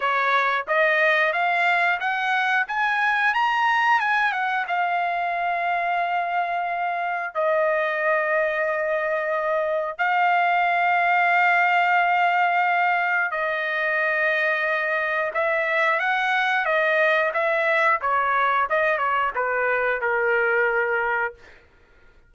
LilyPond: \new Staff \with { instrumentName = "trumpet" } { \time 4/4 \tempo 4 = 90 cis''4 dis''4 f''4 fis''4 | gis''4 ais''4 gis''8 fis''8 f''4~ | f''2. dis''4~ | dis''2. f''4~ |
f''1 | dis''2. e''4 | fis''4 dis''4 e''4 cis''4 | dis''8 cis''8 b'4 ais'2 | }